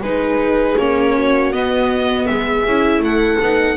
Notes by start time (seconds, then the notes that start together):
0.00 G#3 D#4 G#4 B4
0.78 A#3 C#4 C#5
1.15 F#4
1.52 B3 D#5
2.26 G#3 G#4 E5
2.66 C#4 E4
2.99 A3 A4 F#5
3.40 B3 D#4